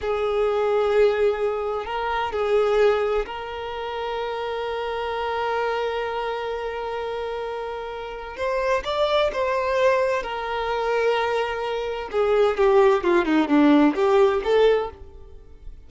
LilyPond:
\new Staff \with { instrumentName = "violin" } { \time 4/4 \tempo 4 = 129 gis'1 | ais'4 gis'2 ais'4~ | ais'1~ | ais'1~ |
ais'2 c''4 d''4 | c''2 ais'2~ | ais'2 gis'4 g'4 | f'8 dis'8 d'4 g'4 a'4 | }